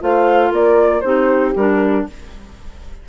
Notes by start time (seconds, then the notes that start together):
0.00 A3 F4 C5 F5
0.51 A#3 A#4 D5
1.01 C4 D#4 G4 C5
1.56 G3 D4 A#4